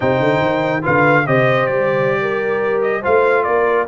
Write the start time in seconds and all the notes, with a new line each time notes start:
0.00 C3 D#4 C5 G5
0.19 D3
0.41 D#3
0.82 D3 F4 B4 F5
1.26 C3 G4 C5 D#5
1.66 G3 D5
2.21 A#4
2.81 D#5
3.01 A3 F4 C5 F5
3.43 A#3 A#4 D5